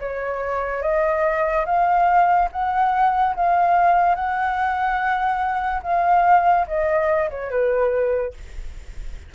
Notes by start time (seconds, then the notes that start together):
0.00 C#5
0.82 D#5
1.66 F5
2.52 F#5
3.36 F5
4.15 F#5
5.83 F5
6.67 D#5
7.30 C#5
7.50 B4